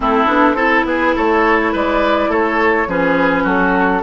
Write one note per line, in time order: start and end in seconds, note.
0.00 0.27 A3
0.00 0.27 C4
0.00 0.56 E4
0.00 0.85 A4
0.27 0.54 B3
0.27 0.55 D4
0.54 0.82 C4
0.54 2.87 E4
0.54 0.84 A4
0.85 1.14 B3
0.85 1.15 G#4
0.85 1.14 B4
1.15 1.73 A3
1.15 1.72 A4
1.15 1.75 C#5
1.72 2.28 G#3
1.72 2.30 B4
1.72 2.32 D5
2.28 2.85 A3
2.28 2.87 A4
2.28 2.89 C#5
2.87 3.44 F3
2.87 4.02 C#4
2.87 3.43 G#4
2.87 3.47 B4
3.43 4.02 F#3
3.43 4.01 F#4
3.43 4.02 A4